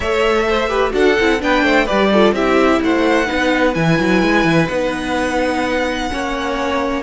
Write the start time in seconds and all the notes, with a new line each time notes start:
0.00 A3 A4 C#5 E5
0.48 C5
0.69 G4 B4
0.90 D4 F#4 A4 F#5
1.20 C4 E4
1.39 B3 D4 B4 G5
1.63 A3 C5
1.85 G4 B4 D5
1.91 G3
2.12 F4 A4
2.32 C4 E4 G4 E5
2.82 A3 C5 F#5
3.26 B3 D#4 B4
3.73 E3 E4 G#5
3.99 F#3
4.22 G#3
4.44 E3
4.67 B3 D#4 F#5
6.10 A#3 C#4 C#5